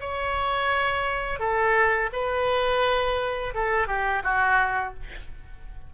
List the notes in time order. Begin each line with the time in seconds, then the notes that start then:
0.00 C#5
1.39 A4
2.12 B4
3.54 A4
3.87 G4
4.23 F#4